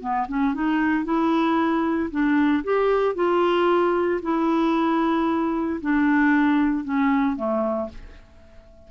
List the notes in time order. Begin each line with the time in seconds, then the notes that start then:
0.00 B3
0.28 C#4
0.54 D#4
1.04 E4
2.10 D4
2.64 G4
3.15 F4
4.22 E4
5.80 D4
6.84 C#4
7.36 A3